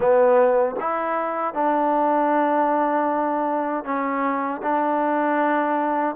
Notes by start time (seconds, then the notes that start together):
0.00 B3
0.80 E4
1.54 D4
3.84 C#4
4.62 D4